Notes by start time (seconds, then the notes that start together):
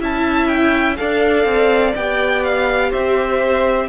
0.00 C#4 E4 E5 A5
0.48 G5
0.97 D4 A4 D5 F5
1.44 C4
1.95 B3 G4 G5
2.43 F5
2.90 C4 C5 E5